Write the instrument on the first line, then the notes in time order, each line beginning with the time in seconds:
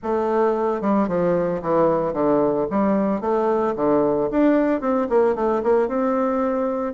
bassoon
0.03 A3
0.81 G3
1.08 F3
1.62 E3
2.13 D3
2.70 G3
3.20 A3
3.76 D3
4.31 D4
4.81 C4
5.09 A#3
5.35 A3
5.63 A#3
5.88 C4